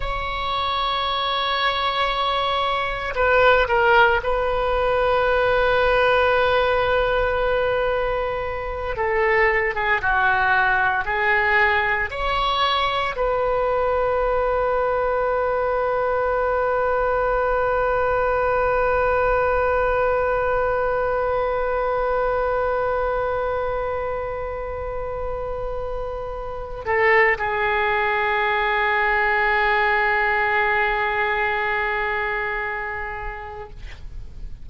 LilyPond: \new Staff \with { instrumentName = "oboe" } { \time 4/4 \tempo 4 = 57 cis''2. b'8 ais'8 | b'1~ | b'8 a'8. gis'16 fis'4 gis'4 cis''8~ | cis''8 b'2.~ b'8~ |
b'1~ | b'1~ | b'4. a'8 gis'2~ | gis'1 | }